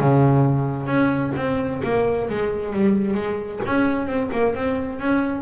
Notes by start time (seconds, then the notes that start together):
0.00 C#3
0.86 C#4
1.36 C4
1.83 A#3
2.30 G#3
2.73 G3
3.14 G#3
3.65 C#4
4.07 C4
4.32 A#3
4.55 C4
5.00 C#4